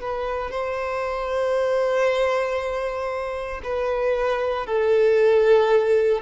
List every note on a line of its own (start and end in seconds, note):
0.00 0.51 B4
0.51 3.61 C5
3.63 4.66 B4
4.66 6.22 A4